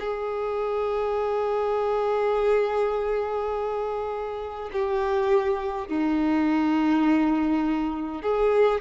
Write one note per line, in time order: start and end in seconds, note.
0.00 4.71 G#4
4.73 5.88 G4
5.88 8.22 D#4
8.22 8.81 G#4